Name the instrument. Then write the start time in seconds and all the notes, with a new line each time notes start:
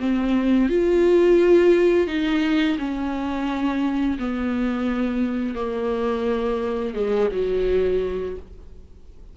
viola
0.00 C4
0.70 F4
2.08 D#4
2.79 C#4
4.19 B3
5.55 A#3
6.95 G#3
7.32 F#3